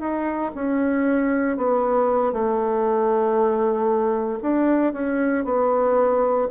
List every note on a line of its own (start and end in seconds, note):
0.00 0.52 D#4
0.55 1.58 C#4
1.58 2.33 B3
2.33 4.40 A3
4.42 4.94 D4
4.94 5.45 C#4
5.45 6.48 B3